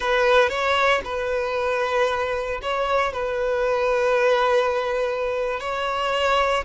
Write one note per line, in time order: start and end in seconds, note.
0.00 0.49 B4
0.49 1.01 C#5
1.04 2.60 B4
2.62 3.13 C#5
3.13 5.60 B4
5.60 6.64 C#5